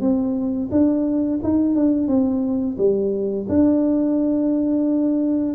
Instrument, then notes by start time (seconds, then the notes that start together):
tuba
0.00 C4
0.71 D4
1.43 D#4
1.75 D4
2.08 C4
2.77 G3
3.48 D4